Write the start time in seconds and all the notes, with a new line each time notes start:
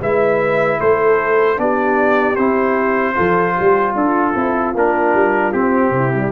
0.00 G#3 E4 B4 E5
0.79 A3 A4 C5
1.57 B3 D4 G4 D5
2.36 C4 E4 C5
3.15 F3 F4 A4
3.56 G3 G4
3.95 D4 F4 A4
4.35 C4 E4
4.75 A#3 D4 A#4
5.14 G3
5.53 C4 G4
5.90 C3 E4
6.13 G3